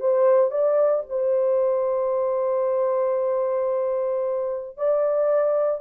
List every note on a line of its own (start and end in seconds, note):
0.00 0.51 C5
0.51 1.04 D5
1.09 4.77 C5
4.77 5.81 D5